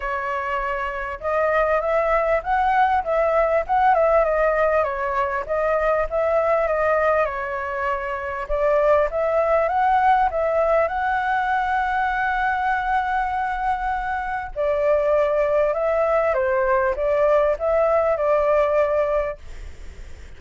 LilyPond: \new Staff \with { instrumentName = "flute" } { \time 4/4 \tempo 4 = 99 cis''2 dis''4 e''4 | fis''4 e''4 fis''8 e''8 dis''4 | cis''4 dis''4 e''4 dis''4 | cis''2 d''4 e''4 |
fis''4 e''4 fis''2~ | fis''1 | d''2 e''4 c''4 | d''4 e''4 d''2 | }